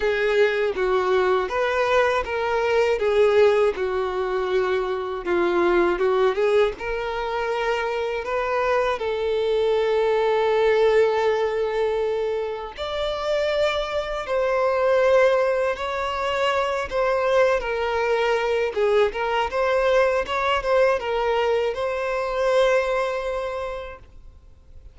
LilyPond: \new Staff \with { instrumentName = "violin" } { \time 4/4 \tempo 4 = 80 gis'4 fis'4 b'4 ais'4 | gis'4 fis'2 f'4 | fis'8 gis'8 ais'2 b'4 | a'1~ |
a'4 d''2 c''4~ | c''4 cis''4. c''4 ais'8~ | ais'4 gis'8 ais'8 c''4 cis''8 c''8 | ais'4 c''2. | }